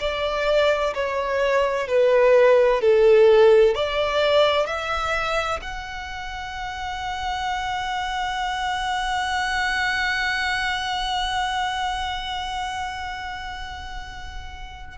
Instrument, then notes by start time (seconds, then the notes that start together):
violin
0.00 D5
0.95 C#5
1.88 B4
2.81 A4
3.75 D5
4.66 E5
5.62 F#5